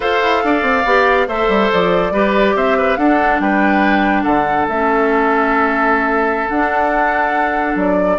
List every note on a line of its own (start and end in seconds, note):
0.00 0.19 F4
0.00 0.85 A4
0.00 0.42 C5
0.00 1.28 F5
0.22 0.44 E4
0.44 0.62 D4
0.44 1.27 D5
0.62 0.83 C4
0.84 1.27 B3
0.84 1.28 G4
1.27 1.48 A3
1.27 2.13 A4
1.27 2.13 C5
1.27 1.70 E5
1.48 1.69 G3
1.72 2.11 F3
1.72 2.57 D5
2.11 2.54 G3
2.11 2.98 G4
2.11 2.55 B4
2.55 2.97 C4
2.55 2.77 C5
2.55 2.96 E5
2.77 2.98 B4
2.96 3.40 D4
2.96 4.70 D4
2.96 3.41 A4
2.96 3.39 F#5
3.40 4.25 G3
3.40 4.23 B4
3.40 4.23 G5
4.23 4.67 D3
4.23 8.17 A4
4.23 4.65 F#5
4.68 6.49 A3
4.68 6.50 C#4
4.68 6.48 E5
6.48 7.75 D4
6.48 8.19 D4
6.48 7.76 F#5
7.75 8.18 F#3
7.75 8.19 D5